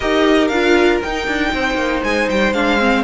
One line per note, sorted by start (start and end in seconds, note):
0.00 0.49 D#4
0.00 0.51 G4
0.00 1.51 A#4
0.00 0.47 D#5
0.47 1.00 D4
0.47 1.03 F4
0.47 0.98 F5
1.02 1.27 D#4
1.02 2.54 D#4
1.02 2.03 G5
1.27 1.52 D4
1.53 1.75 C4
1.53 3.03 C5
1.75 2.00 A#3
2.03 2.29 G#3
2.03 2.29 G#5
2.29 2.52 G3
2.29 2.53 G5
2.52 3.03 G#3
2.52 2.78 D4
2.52 3.03 F5
2.78 3.03 C4